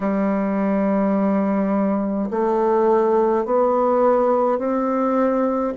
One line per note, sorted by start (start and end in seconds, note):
0.00 2.29 G3
2.30 3.45 A3
3.45 4.58 B3
4.58 5.73 C4